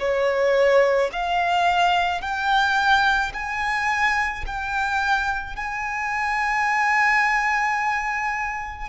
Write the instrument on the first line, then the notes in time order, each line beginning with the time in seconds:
violin
0.00 C#5
1.13 F5
2.21 G5
3.34 G#5
4.47 G5
5.56 G#5